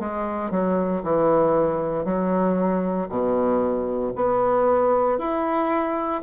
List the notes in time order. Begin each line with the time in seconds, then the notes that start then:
0.00 G#3
0.51 F#3
1.03 E3
2.05 F#3
3.09 B2
4.16 B3
5.19 E4